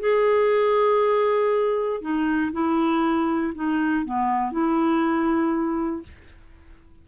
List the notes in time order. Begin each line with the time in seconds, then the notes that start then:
0.00 G#4
2.01 D#4
2.53 E4
3.55 D#4
4.06 B3
4.52 E4